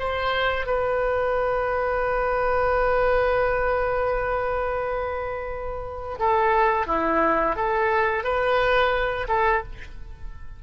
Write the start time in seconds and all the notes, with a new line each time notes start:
0.00 C5
0.66 B4
6.19 A4
6.87 E4
7.56 A4
8.24 B4
9.29 A4